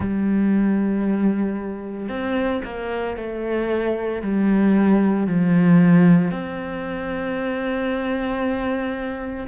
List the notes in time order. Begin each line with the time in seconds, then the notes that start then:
0.00 G3
2.09 C4
2.64 A#3
3.16 A3
4.22 G3
5.26 F3
6.31 C4